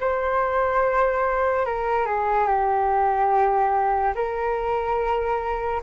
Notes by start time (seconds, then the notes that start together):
0.00 C5
1.66 A#4
2.06 G#4
2.47 G4
4.15 A#4